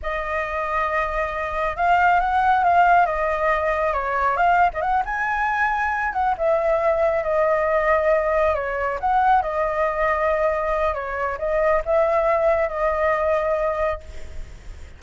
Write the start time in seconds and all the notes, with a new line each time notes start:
0.02 D#5
1.76 F5
2.20 F#5
2.63 F5
3.06 D#5
3.93 C#5
4.37 F5
4.73 D#5
4.81 F#5
5.05 G#5
6.12 F#5
6.37 E5
7.23 D#5
8.54 C#5
9.00 F#5
9.41 D#5
10.94 C#5
11.38 D#5
11.85 E5
12.68 D#5